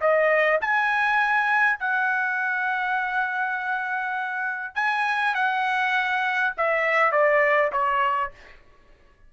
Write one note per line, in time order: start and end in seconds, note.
0.00 0.59 D#5
0.60 1.79 G#5
1.79 4.75 F#5
4.75 5.34 G#5
5.34 6.53 F#5
6.57 7.12 E5
7.12 7.71 D5
7.72 8.31 C#5